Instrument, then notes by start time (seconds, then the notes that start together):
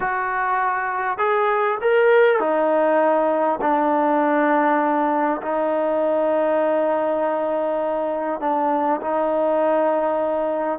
trombone
0.00 F#4
1.18 G#4
1.81 A#4
2.39 D#4
3.61 D4
5.42 D#4
8.40 D4
9.01 D#4